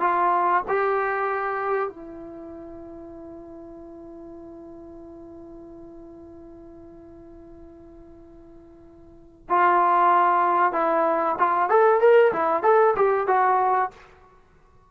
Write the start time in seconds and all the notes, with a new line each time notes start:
0.00 F4
0.68 G4
1.89 E4
9.49 F4
10.73 E4
11.39 F4
11.69 A4
12.01 A#4
12.32 E4
12.63 A4
12.96 G4
13.27 F#4